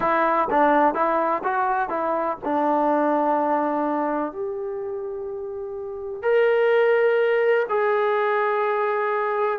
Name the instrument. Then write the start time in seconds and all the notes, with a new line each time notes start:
trombone
0.00 E4
0.50 D4
0.94 E4
1.43 F#4
1.89 E4
2.44 D4
4.32 G4
6.22 A#4
7.69 G#4